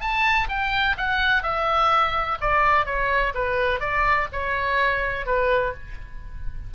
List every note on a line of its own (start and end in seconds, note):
0.00 0.48 A5
0.48 0.96 G5
0.97 1.42 F#5
1.42 2.38 E5
2.40 2.85 D5
2.85 3.33 C#5
3.34 3.79 B4
3.79 4.27 D5
4.32 5.26 C#5
5.26 5.73 B4